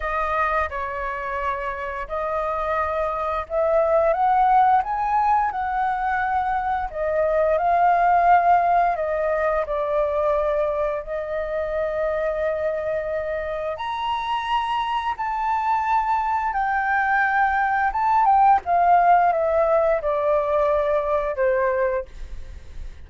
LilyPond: \new Staff \with { instrumentName = "flute" } { \time 4/4 \tempo 4 = 87 dis''4 cis''2 dis''4~ | dis''4 e''4 fis''4 gis''4 | fis''2 dis''4 f''4~ | f''4 dis''4 d''2 |
dis''1 | ais''2 a''2 | g''2 a''8 g''8 f''4 | e''4 d''2 c''4 | }